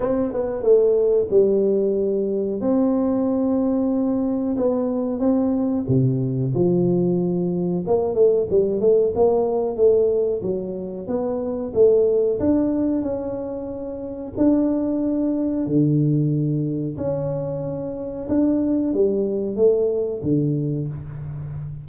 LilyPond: \new Staff \with { instrumentName = "tuba" } { \time 4/4 \tempo 4 = 92 c'8 b8 a4 g2 | c'2. b4 | c'4 c4 f2 | ais8 a8 g8 a8 ais4 a4 |
fis4 b4 a4 d'4 | cis'2 d'2 | d2 cis'2 | d'4 g4 a4 d4 | }